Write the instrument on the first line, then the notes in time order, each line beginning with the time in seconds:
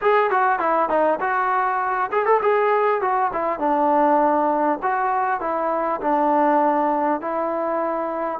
trombone
0.01 G#4
0.30 F#4
0.59 E4
0.89 D#4
1.20 F#4
2.11 G#4
2.25 A4
2.42 G#4
3.01 F#4
3.32 E4
3.59 D4
4.82 F#4
5.40 E4
6.01 D4
7.21 E4